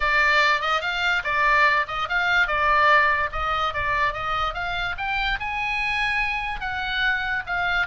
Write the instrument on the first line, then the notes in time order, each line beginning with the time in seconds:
oboe
0.00 D5
0.61 D#5
0.81 F5
1.24 D5
1.87 D#5
2.08 F5
2.47 D5
3.32 D#5
3.73 D5
4.13 D#5
4.54 F5
4.97 G5
5.39 G#5
6.60 F#5
7.46 F5